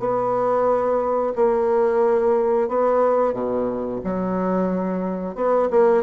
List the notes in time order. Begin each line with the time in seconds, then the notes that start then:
0.00 B3
1.36 A#3
2.69 B3
3.34 B2
4.04 F#3
5.36 B3
5.71 A#3